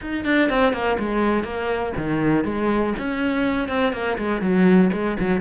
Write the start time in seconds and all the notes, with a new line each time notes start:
0.01 D#4
0.25 D4
0.49 C4
0.72 A#3
0.99 G#3
1.43 A#3
1.96 D#3
2.44 G#3
2.98 C#4
3.68 C4
3.93 A#3
4.18 G#3
4.41 F#3
4.92 G#3
5.19 F#3